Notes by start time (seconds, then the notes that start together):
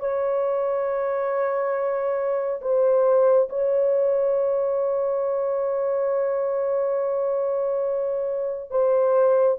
0.00 C#5
2.62 C5
3.50 C#5
8.71 C5